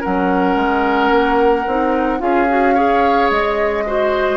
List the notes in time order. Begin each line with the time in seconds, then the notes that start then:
0.00 F#3 C#4 A#4 F#5
0.55 G#3
1.10 A#3
1.67 C4 D#4
2.19 C#4 F4 G#4 F5
2.48 F#4
2.74 G#4 C#5
3.30 G#3 D#5
3.86 F#4 C5